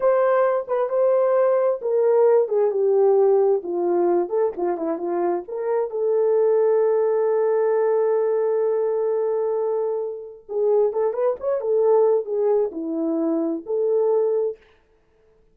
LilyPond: \new Staff \with { instrumentName = "horn" } { \time 4/4 \tempo 4 = 132 c''4. b'8 c''2 | ais'4. gis'8 g'2 | f'4. a'8 f'8 e'8 f'4 | ais'4 a'2.~ |
a'1~ | a'2. gis'4 | a'8 b'8 cis''8 a'4. gis'4 | e'2 a'2 | }